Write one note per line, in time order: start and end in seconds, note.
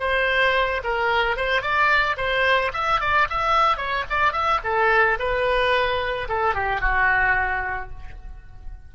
0.00 0.82 C5
0.84 1.37 A#4
1.37 1.62 C5
1.62 2.16 D5
2.17 2.72 C5
2.73 3.00 E5
3.00 3.28 D5
3.30 3.77 E5
3.77 4.04 C#5
4.10 4.33 D5
4.33 4.60 E5
4.64 5.18 A4
5.19 6.28 B4
6.29 6.55 A4
6.55 6.81 G4
6.81 7.90 F#4